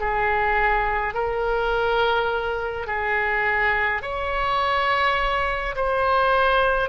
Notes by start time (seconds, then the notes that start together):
0.00 G#4
1.14 A#4
2.87 G#4
4.02 C#5
5.75 C5